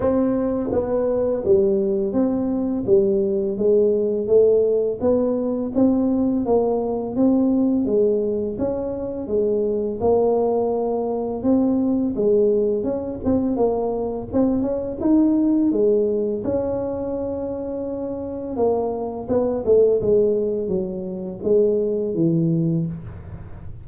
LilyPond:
\new Staff \with { instrumentName = "tuba" } { \time 4/4 \tempo 4 = 84 c'4 b4 g4 c'4 | g4 gis4 a4 b4 | c'4 ais4 c'4 gis4 | cis'4 gis4 ais2 |
c'4 gis4 cis'8 c'8 ais4 | c'8 cis'8 dis'4 gis4 cis'4~ | cis'2 ais4 b8 a8 | gis4 fis4 gis4 e4 | }